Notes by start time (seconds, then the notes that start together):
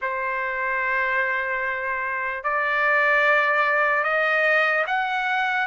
0.01 C5
2.43 D5
4.03 D#5
4.86 F#5